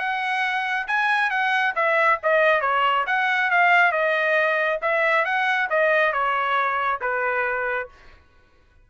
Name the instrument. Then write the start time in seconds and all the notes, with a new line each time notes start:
trumpet
0.00 F#5
0.88 G#5
1.30 F#5
1.76 E5
2.23 D#5
2.62 C#5
3.07 F#5
3.51 F5
3.92 D#5
4.82 E5
5.25 F#5
5.70 D#5
6.13 C#5
7.02 B4